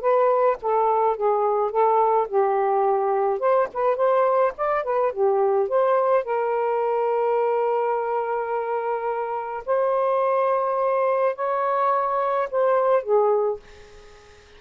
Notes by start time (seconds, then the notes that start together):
0.00 B4
0.61 A4
1.16 G#4
1.71 A4
2.28 G4
3.39 C5
3.73 B4
3.96 C5
4.57 D5
4.83 B4
5.12 G4
5.68 C5
6.24 A#4
9.65 C5
11.35 C#5
12.51 C5
13.03 G#4